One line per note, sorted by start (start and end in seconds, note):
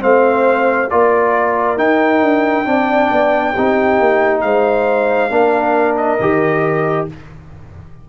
0.00 0.92 A3
0.00 0.88 C4
0.00 0.91 C5
0.00 0.91 F5
0.91 1.78 A#3
0.91 1.77 F4
0.91 2.69 A#4
0.91 1.78 D5
1.77 2.66 D#4
1.77 2.22 D#4
1.77 4.41 G5
2.22 2.66 D4
2.66 3.11 C4
2.66 3.54 D4
2.66 3.54 D5
3.12 3.56 B3
3.54 4.00 C4
3.54 5.31 D#4
3.54 4.42 G4
4.00 4.44 A#3
4.41 5.31 G#3
4.41 5.32 C5
4.41 5.96 F5
5.31 6.19 A#3
5.31 6.19 D4
5.31 7.09 A#4
5.97 7.08 D#5
6.20 7.08 D#3
6.20 7.09 G4